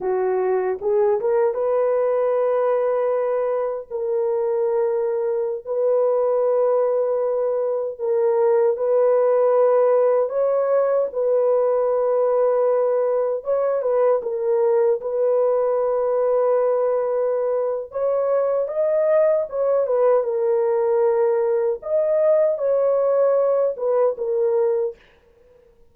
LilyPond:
\new Staff \with { instrumentName = "horn" } { \time 4/4 \tempo 4 = 77 fis'4 gis'8 ais'8 b'2~ | b'4 ais'2~ ais'16 b'8.~ | b'2~ b'16 ais'4 b'8.~ | b'4~ b'16 cis''4 b'4.~ b'16~ |
b'4~ b'16 cis''8 b'8 ais'4 b'8.~ | b'2. cis''4 | dis''4 cis''8 b'8 ais'2 | dis''4 cis''4. b'8 ais'4 | }